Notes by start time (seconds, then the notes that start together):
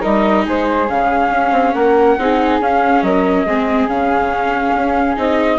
0.00 G3 D#4 A#4 D#5
0.45 G#3 G#4 C5
0.90 C#3 C#4 F5
1.31 C#4
1.52 C4
1.74 A#3 A#4 F#5
2.18 C4 D#4 G#4
2.61 C#4 F5
3.02 F#3 A#4 D#5
3.46 G#3 C4 G#4
3.88 C#3 C#4 F5
4.74 C#4
5.17 C4 D#4 D#5